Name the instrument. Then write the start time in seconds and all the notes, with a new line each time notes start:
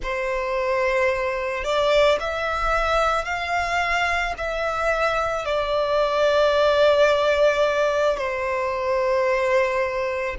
violin
0.02 C5
1.64 D5
2.20 E5
3.24 F5
4.37 E5
5.45 D5
8.17 C5